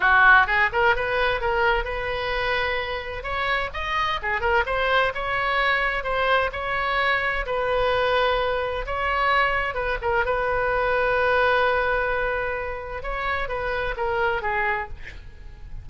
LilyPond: \new Staff \with { instrumentName = "oboe" } { \time 4/4 \tempo 4 = 129 fis'4 gis'8 ais'8 b'4 ais'4 | b'2. cis''4 | dis''4 gis'8 ais'8 c''4 cis''4~ | cis''4 c''4 cis''2 |
b'2. cis''4~ | cis''4 b'8 ais'8 b'2~ | b'1 | cis''4 b'4 ais'4 gis'4 | }